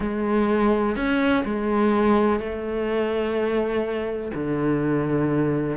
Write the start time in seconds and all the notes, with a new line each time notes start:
0.00 G#3
0.96 C#4
1.44 G#3
2.39 A3
4.34 D3